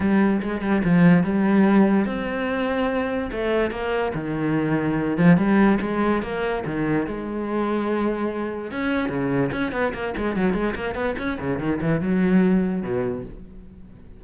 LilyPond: \new Staff \with { instrumentName = "cello" } { \time 4/4 \tempo 4 = 145 g4 gis8 g8 f4 g4~ | g4 c'2. | a4 ais4 dis2~ | dis8 f8 g4 gis4 ais4 |
dis4 gis2.~ | gis4 cis'4 cis4 cis'8 b8 | ais8 gis8 fis8 gis8 ais8 b8 cis'8 cis8 | dis8 e8 fis2 b,4 | }